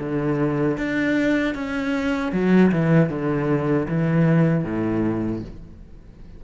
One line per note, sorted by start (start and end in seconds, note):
0.00 0.78 D3
0.78 1.55 D4
1.55 2.33 C#4
2.33 2.72 F#3
2.72 3.10 E3
3.10 3.87 D3
3.89 4.64 E3
4.64 5.42 A2